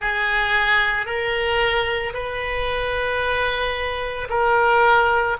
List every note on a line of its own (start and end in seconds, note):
0.01 1.06 G#4
1.06 2.13 A#4
2.13 4.28 B4
4.29 5.36 A#4